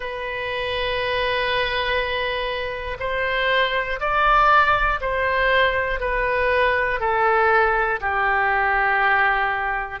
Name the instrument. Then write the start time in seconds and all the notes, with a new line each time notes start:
oboe
0.00 B4
2.99 C5
4.00 D5
5.00 C5
6.00 B4
7.00 A4
8.00 G4